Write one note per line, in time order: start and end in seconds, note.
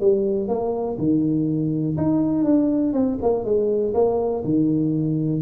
0.00 0.48 G3
0.48 0.97 A#3
0.98 1.96 D#3
1.97 2.44 D#4
2.44 2.93 D4
2.93 3.17 C4
3.22 3.44 A#3
3.44 3.93 G#3
3.94 4.43 A#3
4.44 5.41 D#3